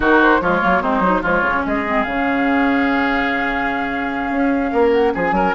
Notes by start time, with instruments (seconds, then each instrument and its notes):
0.00 bassoon D#3, clarinet D#4, oboe F#4, flute A#4
0.21 flute C5
0.40 bassoon F3, clarinet G#3, oboe F4, flute C#5
0.61 bassoon F#3, clarinet A#3
0.81 bassoon G#3, clarinet C4, oboe D#4, flute C5
0.99 bassoon F#3, clarinet D#4
1.21 bassoon F3, clarinet G#3, oboe F4, flute C#5
1.41 bassoon C#3, clarinet C#4
1.66 bassoon G#3, oboe G#4, flute D#5
1.85 clarinet C4
2.03 bassoon C#3, clarinet C#4, flute F5
4.30 bassoon C#4
4.71 bassoon A#3, oboe A#4
4.91 flute F#5
5.14 bassoon F3, oboe G#4, flute G#5
5.31 bassoon F#3, oboe A#4